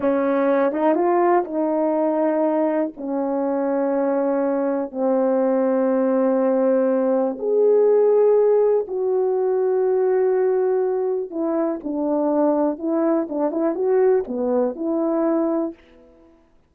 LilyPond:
\new Staff \with { instrumentName = "horn" } { \time 4/4 \tempo 4 = 122 cis'4. dis'8 f'4 dis'4~ | dis'2 cis'2~ | cis'2 c'2~ | c'2. gis'4~ |
gis'2 fis'2~ | fis'2. e'4 | d'2 e'4 d'8 e'8 | fis'4 b4 e'2 | }